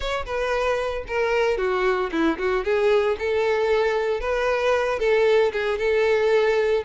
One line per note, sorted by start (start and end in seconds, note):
0.00 0.25 C#5
0.25 1.04 B4
1.07 1.57 A#4
1.57 2.10 F#4
2.11 2.37 E4
2.38 2.64 F#4
2.64 3.17 G#4
3.18 4.20 A4
4.20 4.99 B4
4.99 5.51 A4
5.52 5.78 G#4
5.78 6.83 A4